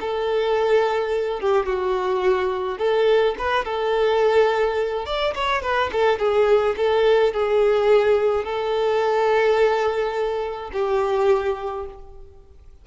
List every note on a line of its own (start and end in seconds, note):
0.00 1.40 A4
1.40 1.66 G4
1.66 2.78 F#4
2.78 3.35 A4
3.38 3.65 B4
3.65 5.06 A4
5.06 5.34 D5
5.35 5.62 C#5
5.62 5.90 B4
5.92 6.19 A4
6.19 6.75 G#4
6.77 7.33 A4
7.33 8.44 G#4
8.44 10.71 A4
10.73 11.86 G4